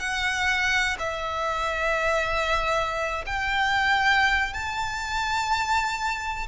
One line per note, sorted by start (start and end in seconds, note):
0.00 0.97 F#5
0.99 3.25 E5
3.26 4.53 G5
4.53 6.47 A5